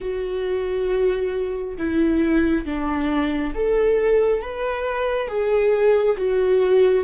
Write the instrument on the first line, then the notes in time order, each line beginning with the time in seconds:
viola
0.00 F#4
1.77 E4
2.65 D4
3.54 A4
4.41 B4
5.28 G#4
6.17 F#4